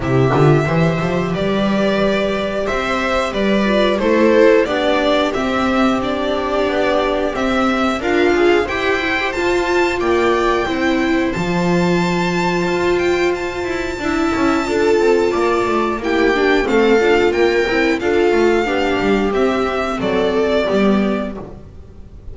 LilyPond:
<<
  \new Staff \with { instrumentName = "violin" } { \time 4/4 \tempo 4 = 90 e''2 d''2 | e''4 d''4 c''4 d''4 | e''4 d''2 e''4 | f''4 g''4 a''4 g''4~ |
g''4 a''2~ a''8 g''8 | a''1 | g''4 f''4 g''4 f''4~ | f''4 e''4 d''2 | }
  \new Staff \with { instrumentName = "viola" } { \time 4/4 g'4 c''4 b'2 | c''4 b'4 a'4 g'4~ | g'1 | f'4 c''2 d''4 |
c''1~ | c''4 e''4 a'4 d''4 | g'4 a'4 ais'4 a'4 | g'2 a'4 g'4 | }
  \new Staff \with { instrumentName = "viola" } { \time 4/4 e'8 f'8 g'2.~ | g'4. f'8 e'4 d'4 | c'4 d'2 c'4 | ais'8 gis'8 g'8 e'16 g'16 f'2 |
e'4 f'2.~ | f'4 e'4 f'2 | e'8 d'8 c'8 f'4 e'8 f'4 | d'4 c'2 b4 | }
  \new Staff \with { instrumentName = "double bass" } { \time 4/4 c8 d8 e8 f8 g2 | c'4 g4 a4 b4 | c'2 b4 c'4 | d'4 e'4 f'4 ais4 |
c'4 f2 f'4~ | f'8 e'8 d'8 cis'8 d'8 c'8 ais8 a8 | ais4 a8 d'8 ais8 c'8 d'8 a8 | b8 g8 c'4 fis4 g4 | }
>>